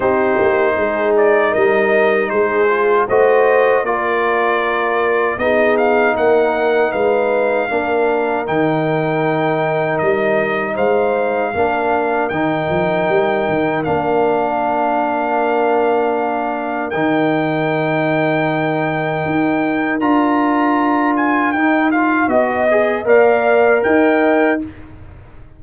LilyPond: <<
  \new Staff \with { instrumentName = "trumpet" } { \time 4/4 \tempo 4 = 78 c''4. d''8 dis''4 c''4 | dis''4 d''2 dis''8 f''8 | fis''4 f''2 g''4~ | g''4 dis''4 f''2 |
g''2 f''2~ | f''2 g''2~ | g''2 ais''4. gis''8 | g''8 f''8 dis''4 f''4 g''4 | }
  \new Staff \with { instrumentName = "horn" } { \time 4/4 g'4 gis'4 ais'4 gis'4 | c''4 ais'2 gis'4 | ais'4 b'4 ais'2~ | ais'2 c''4 ais'4~ |
ais'1~ | ais'1~ | ais'1~ | ais'4 dis''4 d''4 dis''4 | }
  \new Staff \with { instrumentName = "trombone" } { \time 4/4 dis'2.~ dis'8 f'8 | fis'4 f'2 dis'4~ | dis'2 d'4 dis'4~ | dis'2. d'4 |
dis'2 d'2~ | d'2 dis'2~ | dis'2 f'2 | dis'8 f'8 fis'8 gis'8 ais'2 | }
  \new Staff \with { instrumentName = "tuba" } { \time 4/4 c'8 ais8 gis4 g4 gis4 | a4 ais2 b4 | ais4 gis4 ais4 dis4~ | dis4 g4 gis4 ais4 |
dis8 f8 g8 dis8 ais2~ | ais2 dis2~ | dis4 dis'4 d'2 | dis'4 b4 ais4 dis'4 | }
>>